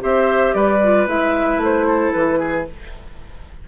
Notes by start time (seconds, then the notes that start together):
0.00 C4 G4 C5 E5
0.54 G3 B4 D5
0.83 F4
1.07 G#3 E4 E5
1.57 A3
1.64 C5
1.87 A4
2.12 E3 B4
2.39 G#4